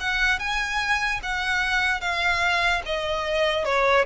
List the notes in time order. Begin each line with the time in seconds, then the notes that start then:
0.00 F#5
0.39 G#5
1.23 F#5
2.00 F5
2.85 D#5
3.64 C#5